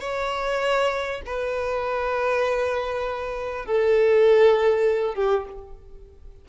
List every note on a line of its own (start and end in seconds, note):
0.00 1.21 C#5
1.26 3.66 B4
3.66 5.15 A4
5.15 5.45 G4